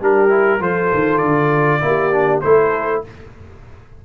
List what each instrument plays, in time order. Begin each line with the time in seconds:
0.00 tuba G3, trombone D4, horn G4, trumpet A#4
0.30 trombone E4
0.60 tuba F3, trombone F4, horn A4, trumpet C5
0.94 tuba D#3
1.19 tuba D3, trumpet D5
1.81 tuba A#3, trombone E4, horn G4
2.13 trombone D4
2.41 tuba A3, trombone E4, horn A4, trumpet C5